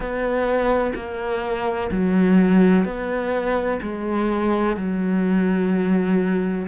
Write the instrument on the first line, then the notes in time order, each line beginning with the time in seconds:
cello
0.00 B3
0.95 A#3
1.91 F#3
2.84 B3
3.82 G#3
4.76 F#3